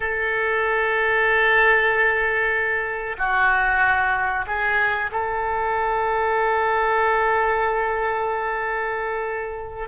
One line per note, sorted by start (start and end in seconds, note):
0.00 3.16 A4
3.18 4.45 F#4
4.47 5.10 G#4
5.11 9.88 A4